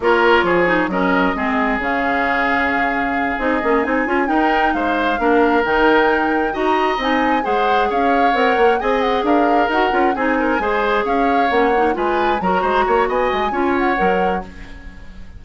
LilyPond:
<<
  \new Staff \with { instrumentName = "flute" } { \time 4/4 \tempo 4 = 133 cis''2 dis''2 | f''2.~ f''8 dis''8~ | dis''8 gis''4 g''4 f''4.~ | f''8 g''2 ais''4 gis''8~ |
gis''8 fis''4 f''4 fis''4 gis''8 | fis''8 f''4 fis''4 gis''4.~ | gis''8 f''4 fis''4 gis''4 ais''8~ | ais''4 gis''4. fis''4. | }
  \new Staff \with { instrumentName = "oboe" } { \time 4/4 ais'4 gis'4 ais'4 gis'4~ | gis'1~ | gis'4. ais'4 c''4 ais'8~ | ais'2~ ais'8 dis''4.~ |
dis''8 c''4 cis''2 dis''8~ | dis''8 ais'2 gis'8 ais'8 c''8~ | c''8 cis''2 b'4 ais'8 | c''8 cis''8 dis''4 cis''2 | }
  \new Staff \with { instrumentName = "clarinet" } { \time 4/4 f'4. dis'8 cis'4 c'4 | cis'2.~ cis'8 dis'8 | cis'8 dis'8 f'8 dis'2 d'8~ | d'8 dis'2 fis'4 dis'8~ |
dis'8 gis'2 ais'4 gis'8~ | gis'4. fis'8 f'8 dis'4 gis'8~ | gis'4. cis'8 dis'8 f'4 fis'8~ | fis'2 f'4 ais'4 | }
  \new Staff \with { instrumentName = "bassoon" } { \time 4/4 ais4 f4 fis4 gis4 | cis2.~ cis8 c'8 | ais8 c'8 cis'8 dis'4 gis4 ais8~ | ais8 dis2 dis'4 c'8~ |
c'8 gis4 cis'4 c'8 ais8 c'8~ | c'8 d'4 dis'8 cis'8 c'4 gis8~ | gis8 cis'4 ais4 gis4 fis8 | gis8 ais8 b8 gis8 cis'4 fis4 | }
>>